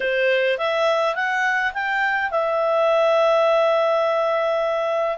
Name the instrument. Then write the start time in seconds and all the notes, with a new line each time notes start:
clarinet
0.00 C5
0.57 E5
1.15 F#5
1.73 G5
2.30 E5